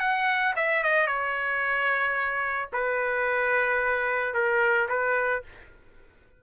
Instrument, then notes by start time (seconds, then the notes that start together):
trumpet
0.00 F#5
0.56 E5
0.84 D#5
1.07 C#5
2.73 B4
4.34 A#4
4.89 B4